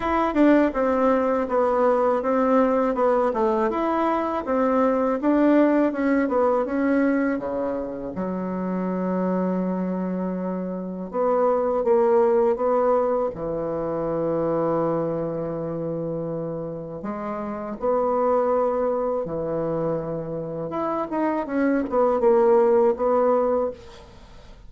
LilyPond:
\new Staff \with { instrumentName = "bassoon" } { \time 4/4 \tempo 4 = 81 e'8 d'8 c'4 b4 c'4 | b8 a8 e'4 c'4 d'4 | cis'8 b8 cis'4 cis4 fis4~ | fis2. b4 |
ais4 b4 e2~ | e2. gis4 | b2 e2 | e'8 dis'8 cis'8 b8 ais4 b4 | }